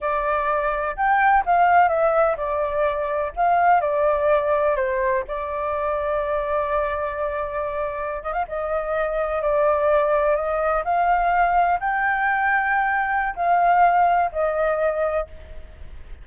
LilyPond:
\new Staff \with { instrumentName = "flute" } { \time 4/4 \tempo 4 = 126 d''2 g''4 f''4 | e''4 d''2 f''4 | d''2 c''4 d''4~ | d''1~ |
d''4~ d''16 dis''16 f''16 dis''2 d''16~ | d''4.~ d''16 dis''4 f''4~ f''16~ | f''8. g''2.~ g''16 | f''2 dis''2 | }